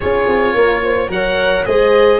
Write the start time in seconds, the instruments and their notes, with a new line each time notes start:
0.00 tuba C#4, cello F4, horn G#4, oboe C#5
0.27 tuba C4
0.54 tuba A#3, horn A#4
0.83 horn C5
1.08 tuba F#3, cello A#4, horn C#5, oboe F#5
1.65 tuba G#3, cello G#4, horn C5, oboe D#5